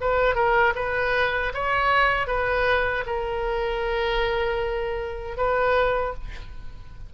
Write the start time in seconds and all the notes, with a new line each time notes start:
0.00 B4
0.35 A#4
0.75 B4
1.53 C#5
2.27 B4
3.06 A#4
5.37 B4